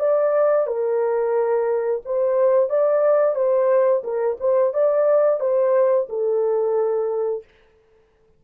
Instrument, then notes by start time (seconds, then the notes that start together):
horn
0.00 D5
0.67 A#4
2.06 C5
2.70 D5
3.36 C5
4.04 A#4
4.41 C5
4.74 D5
5.41 C5
6.10 A4